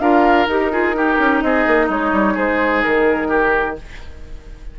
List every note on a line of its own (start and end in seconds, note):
0.00 0.47 D4
0.00 0.47 F4
0.00 0.72 A#4
0.00 0.48 F5
0.47 1.17 D#4
0.47 0.72 G4
0.47 1.42 A#4
0.72 0.95 F4
0.72 0.96 G#4
0.95 3.76 D#4
0.95 1.44 G4
1.19 1.42 C#4
1.42 1.66 C4
1.42 1.87 G#4
1.42 1.89 D#5
1.67 1.89 A#3
1.87 2.12 G#3
1.87 2.34 D#4
1.87 2.38 C#5
2.13 2.36 G3
2.34 2.84 G#3
2.34 3.28 G#4
2.34 2.83 C5
2.83 3.79 D#3
2.83 3.76 A#4
3.29 3.76 G4